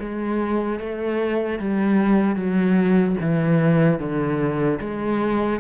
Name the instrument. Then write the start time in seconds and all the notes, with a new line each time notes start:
cello
0.00 G#3
0.80 A3
1.59 G3
2.36 F#3
3.21 E3
4.00 D3
4.81 G#3